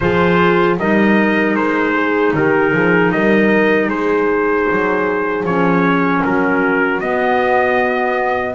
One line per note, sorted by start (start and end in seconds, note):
0.00 0.77 F3
0.00 0.79 F4
0.00 0.78 G#4
0.00 0.78 C5
0.77 1.54 G3
0.77 5.47 D#4
0.77 1.94 A#4
0.77 1.55 D#5
1.54 2.32 G#3
1.54 2.33 C5
1.94 2.33 G#4
2.33 2.72 D#3
2.33 2.73 G4
2.33 3.11 A#4
2.72 3.11 F3
2.72 3.12 G#4
3.11 3.87 G3
3.11 3.88 A#4
3.11 3.89 D#5
3.87 4.65 G#3
3.87 6.22 G#4
3.87 5.45 C5
4.71 5.43 F#3
5.43 6.21 F3
5.43 7.01 C#4
5.43 6.23 C#5
6.24 7.01 F#3
6.24 8.55 F#4
6.24 7.00 A#4
7.00 8.55 B3
7.00 8.55 D#5